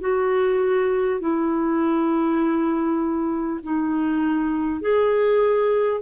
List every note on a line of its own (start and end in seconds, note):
0.00 1.20 F#4
1.20 3.60 E4
3.63 4.81 D#4
4.81 6.01 G#4